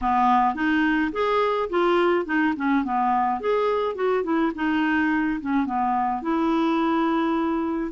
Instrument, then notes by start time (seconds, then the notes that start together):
clarinet
0.01 B3
0.54 D#4
1.12 G#4
1.69 F4
2.25 D#4
2.56 C#4
2.84 B3
3.40 G#4
3.95 F#4
4.23 E4
4.55 D#4
5.41 C#4
5.66 B3
6.21 E4